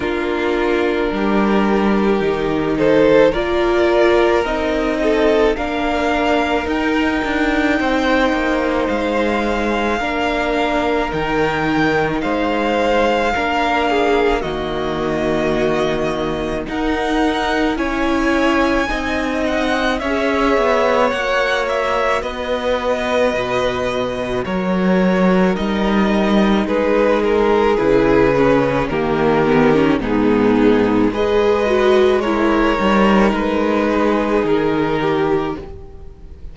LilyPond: <<
  \new Staff \with { instrumentName = "violin" } { \time 4/4 \tempo 4 = 54 ais'2~ ais'8 c''8 d''4 | dis''4 f''4 g''2 | f''2 g''4 f''4~ | f''4 dis''2 fis''4 |
gis''4. fis''8 e''4 fis''8 e''8 | dis''2 cis''4 dis''4 | b'8 ais'8 b'4 ais'4 gis'4 | dis''4 cis''4 b'4 ais'4 | }
  \new Staff \with { instrumentName = "violin" } { \time 4/4 f'4 g'4. a'8 ais'4~ | ais'8 a'8 ais'2 c''4~ | c''4 ais'2 c''4 | ais'8 gis'8 fis'2 ais'4 |
cis''4 dis''4 cis''2 | b'2 ais'2 | gis'2 g'4 dis'4 | b'4 ais'4. gis'4 g'8 | }
  \new Staff \with { instrumentName = "viola" } { \time 4/4 d'2 dis'4 f'4 | dis'4 d'4 dis'2~ | dis'4 d'4 dis'2 | d'4 ais2 dis'4 |
e'4 dis'4 gis'4 fis'4~ | fis'2. dis'4~ | dis'4 e'8 cis'8 ais8 b16 cis'16 b4 | gis'8 fis'8 e'8 dis'2~ dis'8 | }
  \new Staff \with { instrumentName = "cello" } { \time 4/4 ais4 g4 dis4 ais4 | c'4 ais4 dis'8 d'8 c'8 ais8 | gis4 ais4 dis4 gis4 | ais4 dis2 dis'4 |
cis'4 c'4 cis'8 b8 ais4 | b4 b,4 fis4 g4 | gis4 cis4 dis4 gis,4 | gis4. g8 gis4 dis4 | }
>>